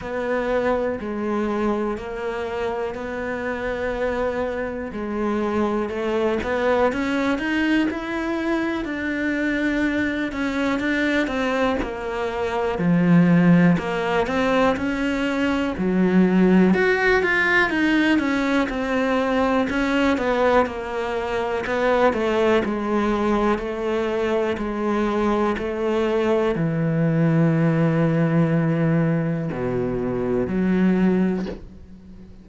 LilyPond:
\new Staff \with { instrumentName = "cello" } { \time 4/4 \tempo 4 = 61 b4 gis4 ais4 b4~ | b4 gis4 a8 b8 cis'8 dis'8 | e'4 d'4. cis'8 d'8 c'8 | ais4 f4 ais8 c'8 cis'4 |
fis4 fis'8 f'8 dis'8 cis'8 c'4 | cis'8 b8 ais4 b8 a8 gis4 | a4 gis4 a4 e4~ | e2 b,4 fis4 | }